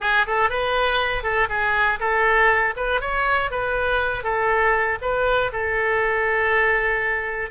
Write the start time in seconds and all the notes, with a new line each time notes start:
0.00 G#4
0.26 A4
0.49 B4
1.22 A4
1.49 G#4
1.99 A4
2.76 B4
3.00 C#5
3.50 B4
4.23 A4
5.01 B4
5.52 A4